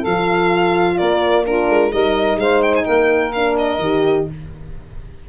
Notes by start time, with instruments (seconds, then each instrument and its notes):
0.00 saxophone A4, violin F5
0.06 tuba F3, horn F4
0.98 tuba A#3, saxophone A#4, violin D5
1.45 horn D4, saxophone F4, violin A#4
1.69 tuba G#3
1.91 tuba G3, horn D#4, saxophone A#4, violin D#5
2.36 tuba G#3, saxophone C5, violin F5
2.62 violin G5
2.75 violin G#5
2.85 tuba A#3, saxophone A#4, violin G5
3.32 horn D4, violin F5
3.58 violin D#5
3.79 tuba D#3, horn G4